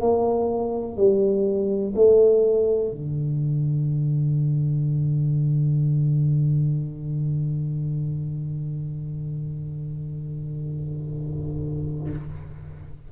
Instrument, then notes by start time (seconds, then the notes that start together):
tuba
0.00 A#3
0.97 G3
1.95 A3
2.91 D3